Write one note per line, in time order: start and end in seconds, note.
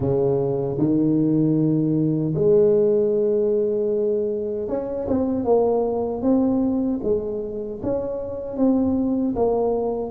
0.00 0.77 C#3
0.78 2.33 D#3
2.34 4.68 G#3
4.68 5.07 C#4
5.08 5.44 C4
5.44 6.22 A#3
6.22 7.00 C4
7.03 7.81 G#3
7.82 8.56 C#4
8.56 9.34 C4
9.35 10.11 A#3